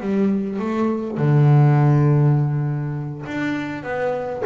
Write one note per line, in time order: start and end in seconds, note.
0.00 0.59 G3
0.59 1.17 A3
1.17 3.25 D3
3.25 3.83 D4
3.83 4.42 B3